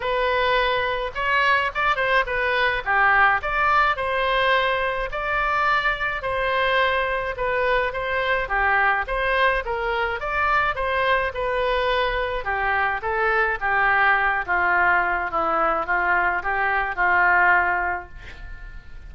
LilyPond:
\new Staff \with { instrumentName = "oboe" } { \time 4/4 \tempo 4 = 106 b'2 cis''4 d''8 c''8 | b'4 g'4 d''4 c''4~ | c''4 d''2 c''4~ | c''4 b'4 c''4 g'4 |
c''4 ais'4 d''4 c''4 | b'2 g'4 a'4 | g'4. f'4. e'4 | f'4 g'4 f'2 | }